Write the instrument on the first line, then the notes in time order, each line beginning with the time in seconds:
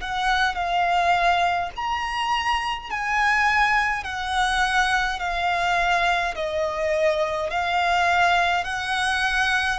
violin
0.00 F#5
0.55 F5
1.75 A#5
2.90 G#5
4.03 F#5
5.19 F5
6.35 D#5
7.50 F5
8.64 F#5